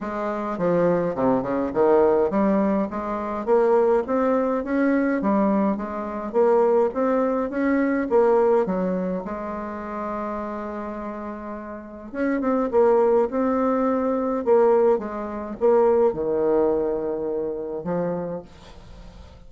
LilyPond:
\new Staff \with { instrumentName = "bassoon" } { \time 4/4 \tempo 4 = 104 gis4 f4 c8 cis8 dis4 | g4 gis4 ais4 c'4 | cis'4 g4 gis4 ais4 | c'4 cis'4 ais4 fis4 |
gis1~ | gis4 cis'8 c'8 ais4 c'4~ | c'4 ais4 gis4 ais4 | dis2. f4 | }